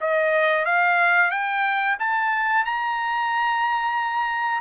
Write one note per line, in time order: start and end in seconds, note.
0.00 0.65 D#5
0.65 1.30 F5
1.30 1.96 G5
1.99 2.65 A5
2.65 4.61 A#5